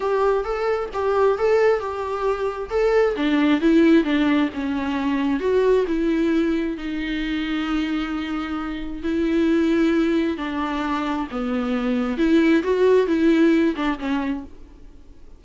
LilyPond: \new Staff \with { instrumentName = "viola" } { \time 4/4 \tempo 4 = 133 g'4 a'4 g'4 a'4 | g'2 a'4 d'4 | e'4 d'4 cis'2 | fis'4 e'2 dis'4~ |
dis'1 | e'2. d'4~ | d'4 b2 e'4 | fis'4 e'4. d'8 cis'4 | }